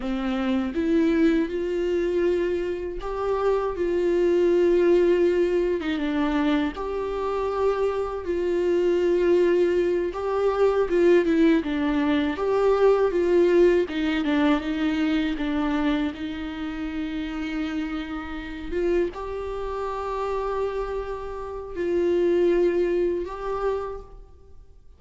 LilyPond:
\new Staff \with { instrumentName = "viola" } { \time 4/4 \tempo 4 = 80 c'4 e'4 f'2 | g'4 f'2~ f'8. dis'16 | d'4 g'2 f'4~ | f'4. g'4 f'8 e'8 d'8~ |
d'8 g'4 f'4 dis'8 d'8 dis'8~ | dis'8 d'4 dis'2~ dis'8~ | dis'4 f'8 g'2~ g'8~ | g'4 f'2 g'4 | }